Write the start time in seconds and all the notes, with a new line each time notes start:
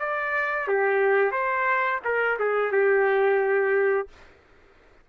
0.00 D5
0.68 G4
1.32 C5
2.05 A#4
2.39 G#4
2.72 G4